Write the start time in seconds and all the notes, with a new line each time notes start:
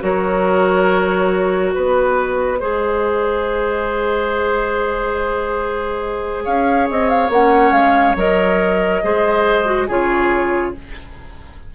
0.00 F#3 F#4 A#4 C#5
1.73 B3 B4 D#5
2.59 G#3 G#4 C5
6.44 C#4 C#5 F5
6.89 C4 D#5
7.09 F5
7.29 A#3 C#4 F#5
7.71 G#3 F5
8.15 F#3 A#4 D#5
9.03 G#3 G#4 C5
9.65 F#4
9.87 C#3 F4 G#4 C#5